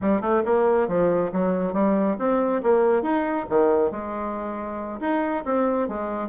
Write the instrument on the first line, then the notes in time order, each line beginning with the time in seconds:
bassoon
0.01 G3
0.21 A3
0.45 A#3
0.88 F3
1.32 F#3
1.73 G3
2.18 C4
2.62 A#3
3.02 D#4
3.49 D#3
3.91 G#3
5.00 D#4
5.44 C4
5.88 G#3